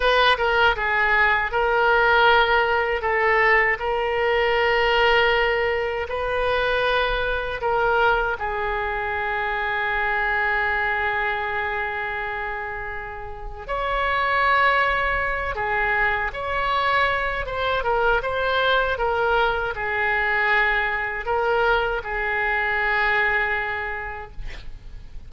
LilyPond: \new Staff \with { instrumentName = "oboe" } { \time 4/4 \tempo 4 = 79 b'8 ais'8 gis'4 ais'2 | a'4 ais'2. | b'2 ais'4 gis'4~ | gis'1~ |
gis'2 cis''2~ | cis''8 gis'4 cis''4. c''8 ais'8 | c''4 ais'4 gis'2 | ais'4 gis'2. | }